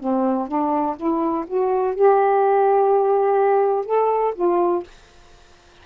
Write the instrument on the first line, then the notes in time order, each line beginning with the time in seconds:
saxophone
0.00 C4
0.48 D4
0.97 E4
1.47 F#4
1.95 G4
3.86 A4
4.35 F4